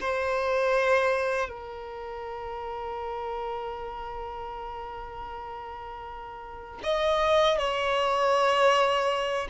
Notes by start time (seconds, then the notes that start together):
0.00 C5
1.48 A#4
6.83 D#5
7.57 C#5